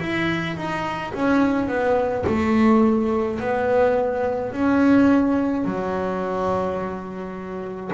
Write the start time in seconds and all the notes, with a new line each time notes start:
0.00 E4
0.57 D#4
1.14 C#4
1.68 B3
2.26 A3
3.40 B3
4.53 C#4
5.64 F#3